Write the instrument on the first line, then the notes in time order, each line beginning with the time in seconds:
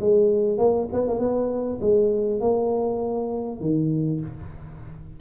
tuba
0.00 G#3
0.58 A#3
0.93 B3
1.07 A#3
1.19 B3
1.81 G#3
2.41 A#3
3.61 D#3